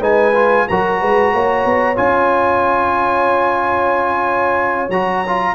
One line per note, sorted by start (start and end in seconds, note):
0.00 0.65 G#3
0.00 0.33 D#4
0.00 0.65 B4
0.00 0.68 G#5
0.34 0.67 F4
0.68 1.02 F#3
0.68 1.95 F#4
0.68 1.00 A#4
0.68 1.96 A#5
1.00 1.33 G#3
1.00 1.33 B4
1.33 1.65 A#3
1.33 5.54 C#5
1.65 1.97 B3
1.95 4.89 C#4
1.95 4.89 F4
1.95 4.90 G#5
4.89 5.54 F#3
4.89 5.25 F#4
4.89 5.54 A#5
5.27 5.54 F4